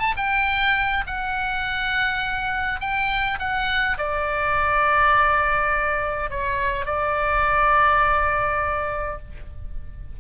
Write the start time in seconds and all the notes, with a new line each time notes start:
0.00 A5
0.17 G5
1.07 F#5
2.81 G5
3.39 F#5
3.98 D5
6.31 C#5
6.86 D5